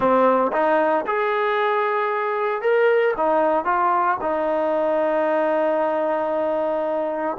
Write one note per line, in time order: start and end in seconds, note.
0.00 0.51 C4
0.52 1.05 D#4
1.06 2.61 G#4
2.61 3.14 A#4
3.17 3.65 D#4
3.65 4.17 F4
4.21 7.37 D#4